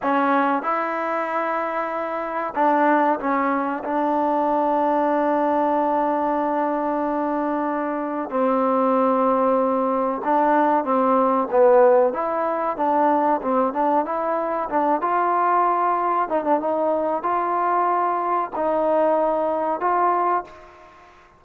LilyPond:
\new Staff \with { instrumentName = "trombone" } { \time 4/4 \tempo 4 = 94 cis'4 e'2. | d'4 cis'4 d'2~ | d'1~ | d'4 c'2. |
d'4 c'4 b4 e'4 | d'4 c'8 d'8 e'4 d'8 f'8~ | f'4. dis'16 d'16 dis'4 f'4~ | f'4 dis'2 f'4 | }